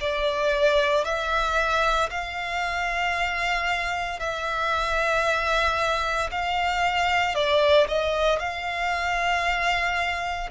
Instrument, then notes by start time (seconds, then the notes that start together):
violin
0.00 D5
1.04 E5
2.10 F5
4.19 E5
6.31 F5
7.34 D5
7.88 D#5
8.39 F5